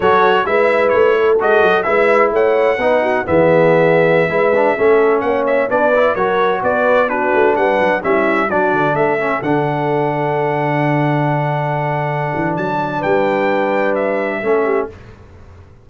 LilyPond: <<
  \new Staff \with { instrumentName = "trumpet" } { \time 4/4 \tempo 4 = 129 cis''4 e''4 cis''4 dis''4 | e''4 fis''2 e''4~ | e''2.~ e''16 fis''8 e''16~ | e''16 d''4 cis''4 d''4 b'8.~ |
b'16 fis''4 e''4 d''4 e''8.~ | e''16 fis''2.~ fis''8.~ | fis''2. a''4 | g''2 e''2 | }
  \new Staff \with { instrumentName = "horn" } { \time 4/4 a'4 b'4. a'4. | b'4 cis''4 b'8 fis'8 gis'4~ | gis'4~ gis'16 b'4 a'4 cis''8.~ | cis''16 b'4 ais'4 b'4 fis'8.~ |
fis'16 b'4 e'4 fis'4 a'8.~ | a'1~ | a'1 | b'2. a'8 g'8 | }
  \new Staff \with { instrumentName = "trombone" } { \time 4/4 fis'4 e'2 fis'4 | e'2 dis'4 b4~ | b4~ b16 e'8 d'8 cis'4.~ cis'16~ | cis'16 d'8 e'8 fis'2 d'8.~ |
d'4~ d'16 cis'4 d'4. cis'16~ | cis'16 d'2.~ d'8.~ | d'1~ | d'2. cis'4 | }
  \new Staff \with { instrumentName = "tuba" } { \time 4/4 fis4 gis4 a4 gis8 fis8 | gis4 a4 b4 e4~ | e4~ e16 gis4 a4 ais8.~ | ais16 b4 fis4 b4. a16~ |
a16 g8 fis8 g4 fis8 d8 a8.~ | a16 d2.~ d8.~ | d2~ d8 e8 fis4 | g2. a4 | }
>>